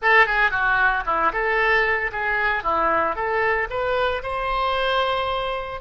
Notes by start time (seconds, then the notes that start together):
0.02 A4
0.26 G#4
0.50 F#4
1.06 E4
1.32 A4
2.12 G#4
2.63 E4
3.15 A4
3.70 B4
4.22 C5